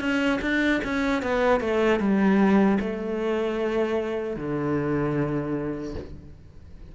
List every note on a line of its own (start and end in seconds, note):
0.00 0.39 C#4
0.42 0.81 D4
0.84 1.22 C#4
1.22 1.60 B3
1.60 2.00 A3
2.00 2.78 G3
2.80 4.36 A3
4.36 5.94 D3